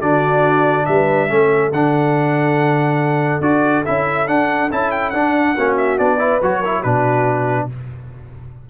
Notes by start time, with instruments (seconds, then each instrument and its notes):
0.00 tuba D3, trombone D4, horn F#4, trumpet D5
0.85 tuba G3, horn B4, trumpet E5
1.28 tuba A3, trombone C#4, horn A4
1.72 tuba D3, trombone D4, trumpet F#5
3.40 tuba D4, trombone F#4, trumpet D5
3.85 tuba C#4, trombone E4, trumpet E5
4.27 trombone D4, tuba D4, trumpet F#5
4.70 tuba C#4, trombone E4, trumpet A5
4.91 trumpet G5
5.10 tuba D4, trombone D4, trumpet F#5
5.54 tuba A#3, trombone C#4, horn F#4
5.77 trumpet E5
5.98 tuba B3, trombone D4, trumpet D5
6.18 trombone E4, horn B4
6.41 tuba F#3, trombone F#4, trumpet C#5
6.60 trombone E4, horn A#4
6.79 tuba B2, trombone D4, horn F#4, trumpet B4